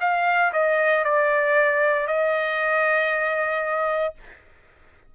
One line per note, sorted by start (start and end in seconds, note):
0.00 0.52 F5
0.53 1.04 D#5
1.04 2.07 D5
2.07 4.14 D#5